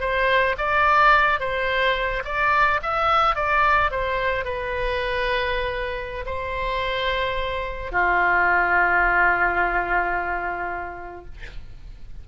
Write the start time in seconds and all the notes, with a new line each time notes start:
0.00 C5
0.57 D5
1.39 C5
2.24 D5
2.82 E5
3.35 D5
3.91 C5
4.44 B4
6.25 C5
7.91 F4